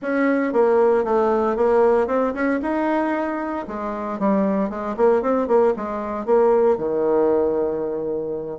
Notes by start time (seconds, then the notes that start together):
0.01 C#4
0.52 A#3
1.04 A3
1.56 A#3
2.07 C4
2.34 C#4
2.61 D#4
3.67 G#3
4.19 G3
4.69 G#3
4.96 A#3
5.22 C4
5.47 A#3
5.76 G#3
6.25 A#3
6.77 D#3